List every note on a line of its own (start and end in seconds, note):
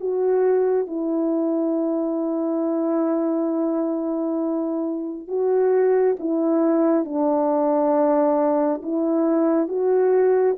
0.00 0.87 F#4
0.87 5.28 E4
5.28 6.16 F#4
6.19 7.05 E4
7.05 8.81 D4
8.83 9.68 E4
9.68 10.56 F#4